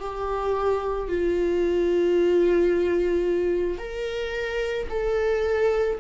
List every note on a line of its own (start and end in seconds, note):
0.00 1.09 G4
1.09 3.79 F4
3.79 4.88 A#4
4.90 5.99 A4